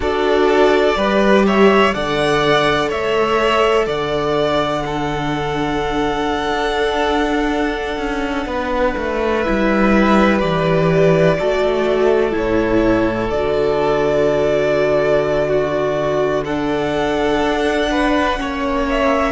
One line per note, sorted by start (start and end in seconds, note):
0.00 0.94 D4
0.00 0.95 F#4
0.00 0.97 A4
0.00 1.46 D5
0.96 1.93 G3
0.96 1.93 G4
0.96 1.45 B4
1.46 1.94 C#5
1.46 1.93 E5
1.93 2.91 D3
1.93 4.84 A4
1.93 2.88 D5
1.93 2.90 F#5
2.88 3.86 A3
2.88 3.85 C#5
2.88 3.87 E5
3.86 6.51 D3
3.86 4.83 D5
3.86 9.41 F#5
4.85 9.44 D4
4.85 8.46 A4
6.51 7.96 D4
7.97 8.46 C#4
8.46 8.94 B3
8.46 11.37 B4
8.97 9.45 A3
9.41 10.40 E4
9.41 10.37 E5
9.48 10.42 G3
10.40 11.39 E3
10.40 11.36 G4
10.40 12.33 D5
11.38 12.32 A3
11.38 12.31 F#4
11.38 15.47 A4
12.31 13.29 A2
12.31 13.27 E4
12.31 13.29 C#5
13.29 17.41 D3
13.29 16.47 F#4
13.29 16.44 D5
15.47 16.44 F#4
16.44 18.37 D4
16.44 17.90 A4
16.44 18.86 F#5
17.41 18.38 D4
17.90 18.39 B4
18.37 19.32 A#3
18.37 19.32 C#4
18.37 19.32 C#5
18.89 19.32 E5